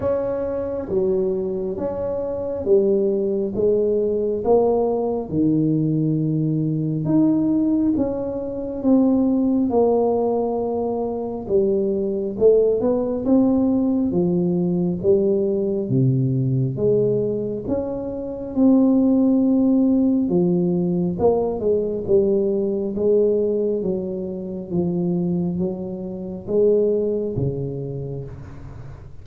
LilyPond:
\new Staff \with { instrumentName = "tuba" } { \time 4/4 \tempo 4 = 68 cis'4 fis4 cis'4 g4 | gis4 ais4 dis2 | dis'4 cis'4 c'4 ais4~ | ais4 g4 a8 b8 c'4 |
f4 g4 c4 gis4 | cis'4 c'2 f4 | ais8 gis8 g4 gis4 fis4 | f4 fis4 gis4 cis4 | }